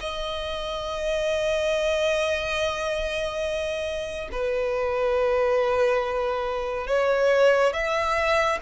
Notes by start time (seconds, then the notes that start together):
0.00 D#5
4.31 B4
6.87 C#5
7.73 E5